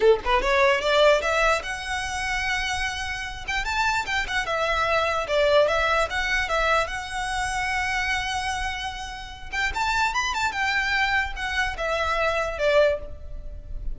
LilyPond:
\new Staff \with { instrumentName = "violin" } { \time 4/4 \tempo 4 = 148 a'8 b'8 cis''4 d''4 e''4 | fis''1~ | fis''8 g''8 a''4 g''8 fis''8 e''4~ | e''4 d''4 e''4 fis''4 |
e''4 fis''2.~ | fis''2.~ fis''8 g''8 | a''4 b''8 a''8 g''2 | fis''4 e''2 d''4 | }